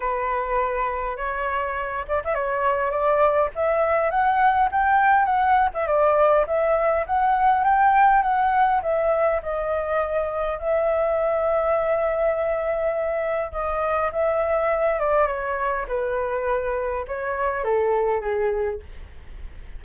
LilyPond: \new Staff \with { instrumentName = "flute" } { \time 4/4 \tempo 4 = 102 b'2 cis''4. d''16 e''16 | cis''4 d''4 e''4 fis''4 | g''4 fis''8. e''16 d''4 e''4 | fis''4 g''4 fis''4 e''4 |
dis''2 e''2~ | e''2. dis''4 | e''4. d''8 cis''4 b'4~ | b'4 cis''4 a'4 gis'4 | }